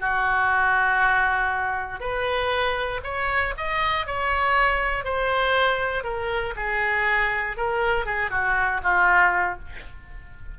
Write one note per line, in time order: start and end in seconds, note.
0.00 2.00 F#4
2.00 3.01 B4
3.04 3.55 C#5
3.57 4.07 D#5
4.07 5.05 C#5
5.05 6.04 C5
6.04 6.55 A#4
6.56 7.57 G#4
7.57 8.06 A#4
8.06 8.31 G#4
8.31 8.81 F#4
8.83 9.59 F4